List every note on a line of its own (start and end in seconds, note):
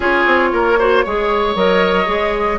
0.00 0.24 C#4
0.00 0.76 F4
0.00 0.49 G#4
0.00 1.55 C#5
0.26 0.52 C4
0.52 1.04 A#3
0.52 0.78 A#4
0.78 1.04 F#4
0.78 1.04 C5
1.04 1.55 G#3
1.04 1.55 G#4
1.04 2.59 C#5
1.55 2.06 F#3
1.55 2.05 A#4
1.55 2.59 D#5
2.05 2.59 G#3
2.05 2.57 G#4